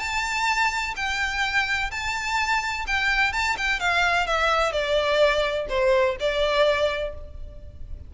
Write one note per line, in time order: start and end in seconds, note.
0.00 0.94 A5
0.97 1.91 G5
1.92 2.86 A5
2.88 3.33 G5
3.33 3.57 A5
3.58 3.80 G5
3.80 4.27 F5
4.27 4.73 E5
4.73 5.67 D5
5.70 6.17 C5
6.20 7.15 D5